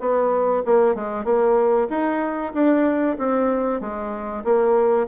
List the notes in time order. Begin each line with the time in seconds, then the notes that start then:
0.00 B3
0.66 A#3
0.95 G#3
1.25 A#3
1.90 D#4
2.54 D4
3.18 C4
3.81 G#3
4.44 A#3